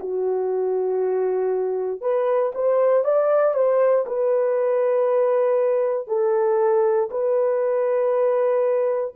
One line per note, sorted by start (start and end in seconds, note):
0.00 2.02 F#4
2.02 2.52 B4
2.55 3.05 C5
3.05 3.55 D5
3.55 4.05 C5
4.06 6.08 B4
6.08 7.10 A4
7.11 9.14 B4